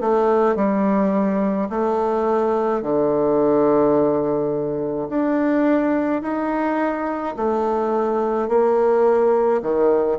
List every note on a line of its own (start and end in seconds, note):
0.00 0.55 A3
0.55 1.68 G3
1.69 2.81 A3
2.81 5.08 D3
5.09 6.22 D4
6.22 7.35 D#4
7.36 8.48 A3
8.48 9.61 A#3
9.62 10.18 D#3